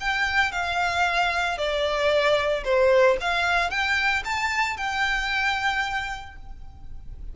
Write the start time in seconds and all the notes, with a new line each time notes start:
0.00 G5
0.52 F5
1.58 D5
2.64 C5
3.21 F5
3.70 G5
4.25 A5
4.77 G5